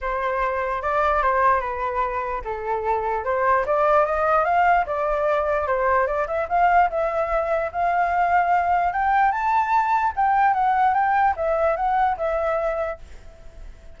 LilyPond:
\new Staff \with { instrumentName = "flute" } { \time 4/4 \tempo 4 = 148 c''2 d''4 c''4 | b'2 a'2 | c''4 d''4 dis''4 f''4 | d''2 c''4 d''8 e''8 |
f''4 e''2 f''4~ | f''2 g''4 a''4~ | a''4 g''4 fis''4 g''4 | e''4 fis''4 e''2 | }